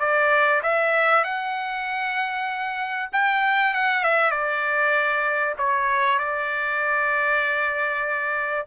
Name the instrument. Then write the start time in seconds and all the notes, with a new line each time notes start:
trumpet
0.00 D5
0.63 E5
1.24 F#5
3.13 G5
3.74 F#5
4.04 E5
4.31 D5
5.58 C#5
6.19 D5